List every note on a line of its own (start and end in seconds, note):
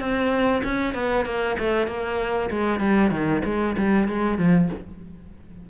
0.00 0.62 C4
0.64 0.94 C#4
0.94 1.26 B3
1.26 1.57 A#3
1.59 1.87 A3
1.87 2.50 A#3
2.51 2.80 G#3
2.80 3.11 G3
3.11 3.42 D#3
3.45 3.76 G#3
3.78 4.09 G3
4.09 4.38 G#3
4.38 4.70 F3